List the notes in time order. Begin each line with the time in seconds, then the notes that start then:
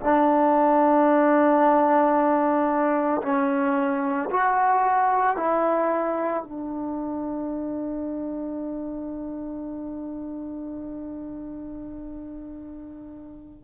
0.00 D4
3.22 C#4
4.30 F#4
5.37 E4
6.43 D4